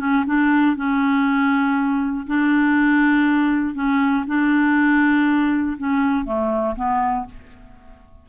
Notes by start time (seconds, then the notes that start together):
0.00 C#4
0.26 D4
0.76 C#4
2.27 D4
3.75 C#4
4.27 D4
5.78 C#4
6.25 A3
6.76 B3